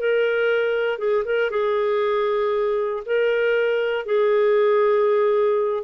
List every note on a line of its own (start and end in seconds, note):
0.00 0.99 A#4
0.99 1.24 G#4
1.25 1.50 A#4
1.51 3.03 G#4
3.06 4.06 A#4
4.06 5.84 G#4